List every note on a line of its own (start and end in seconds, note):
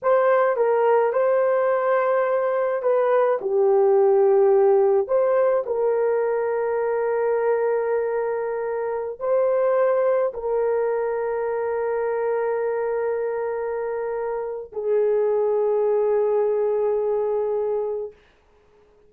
0.02 0.56 C5
0.56 1.12 A#4
1.12 2.82 C5
2.82 3.39 B4
3.41 5.07 G4
5.07 5.64 C5
5.66 9.19 A#4
9.19 10.33 C5
10.33 14.72 A#4
14.72 18.12 G#4